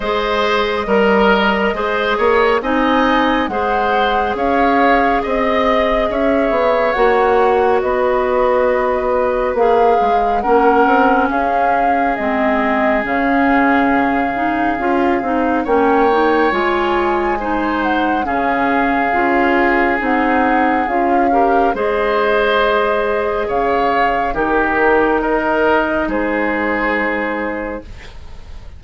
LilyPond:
<<
  \new Staff \with { instrumentName = "flute" } { \time 4/4 \tempo 4 = 69 dis''2. gis''4 | fis''4 f''4 dis''4 e''4 | fis''4 dis''2 f''4 | fis''4 f''4 dis''4 f''4~ |
f''2 g''4 gis''4~ | gis''8 fis''8 f''2 fis''4 | f''4 dis''2 f''4 | ais'4 dis''4 c''2 | }
  \new Staff \with { instrumentName = "oboe" } { \time 4/4 c''4 ais'4 c''8 cis''8 dis''4 | c''4 cis''4 dis''4 cis''4~ | cis''4 b'2. | ais'4 gis'2.~ |
gis'2 cis''2 | c''4 gis'2.~ | gis'8 ais'8 c''2 cis''4 | g'4 ais'4 gis'2 | }
  \new Staff \with { instrumentName = "clarinet" } { \time 4/4 gis'4 ais'4 gis'4 dis'4 | gis'1 | fis'2. gis'4 | cis'2 c'4 cis'4~ |
cis'8 dis'8 f'8 dis'8 cis'8 dis'8 f'4 | dis'4 cis'4 f'4 dis'4 | f'8 g'8 gis'2. | dis'1 | }
  \new Staff \with { instrumentName = "bassoon" } { \time 4/4 gis4 g4 gis8 ais8 c'4 | gis4 cis'4 c'4 cis'8 b8 | ais4 b2 ais8 gis8 | ais8 c'8 cis'4 gis4 cis4~ |
cis4 cis'8 c'8 ais4 gis4~ | gis4 cis4 cis'4 c'4 | cis'4 gis2 cis4 | dis2 gis2 | }
>>